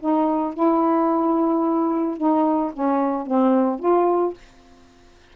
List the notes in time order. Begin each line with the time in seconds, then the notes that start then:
0.00 D#4
0.54 E4
2.18 D#4
2.73 C#4
3.27 C4
3.80 F4